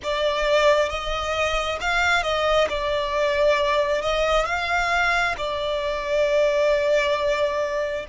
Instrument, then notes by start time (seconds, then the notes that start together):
violin
0.02 D5
0.89 D#5
1.81 F5
2.23 D#5
2.69 D5
4.01 D#5
4.45 F5
5.37 D5